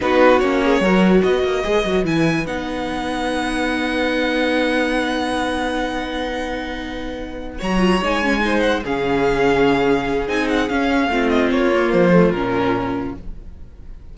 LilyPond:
<<
  \new Staff \with { instrumentName = "violin" } { \time 4/4 \tempo 4 = 146 b'4 cis''2 dis''4~ | dis''4 gis''4 fis''2~ | fis''1~ | fis''1~ |
fis''2~ fis''8 ais''4 gis''8~ | gis''4 fis''8 f''2~ f''8~ | f''4 gis''8 fis''8 f''4. dis''8 | cis''4 c''4 ais'2 | }
  \new Staff \with { instrumentName = "violin" } { \time 4/4 fis'4. gis'8 ais'4 b'4~ | b'1~ | b'1~ | b'1~ |
b'2~ b'8 cis''4.~ | cis''8 c''4 gis'2~ gis'8~ | gis'2. f'4~ | f'1 | }
  \new Staff \with { instrumentName = "viola" } { \time 4/4 dis'4 cis'4 fis'2 | gis'8 fis'8 e'4 dis'2~ | dis'1~ | dis'1~ |
dis'2~ dis'8 fis'8 f'8 dis'8 | cis'8 dis'4 cis'2~ cis'8~ | cis'4 dis'4 cis'4 c'4~ | c'8 ais4 a8 cis'2 | }
  \new Staff \with { instrumentName = "cello" } { \time 4/4 b4 ais4 fis4 b8 ais8 | gis8 fis8 e4 b2~ | b1~ | b1~ |
b2~ b8 fis4 gis8~ | gis4. cis2~ cis8~ | cis4 c'4 cis'4 a4 | ais4 f4 ais,2 | }
>>